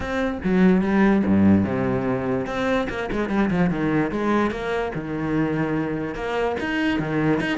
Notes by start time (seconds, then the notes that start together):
0.00 C4
0.43 F#3
0.81 G3
1.26 G2
1.64 C3
2.46 C4
2.89 A#3
3.11 G#3
3.29 G3
3.50 F3
3.70 D#3
4.11 G#3
4.51 A#3
4.94 D#3
6.15 A#3
6.60 D#4
6.99 D#3
7.40 D#4